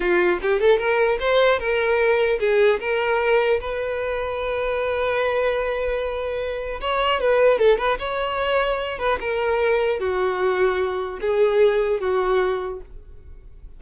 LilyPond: \new Staff \with { instrumentName = "violin" } { \time 4/4 \tempo 4 = 150 f'4 g'8 a'8 ais'4 c''4 | ais'2 gis'4 ais'4~ | ais'4 b'2.~ | b'1~ |
b'4 cis''4 b'4 a'8 b'8 | cis''2~ cis''8 b'8 ais'4~ | ais'4 fis'2. | gis'2 fis'2 | }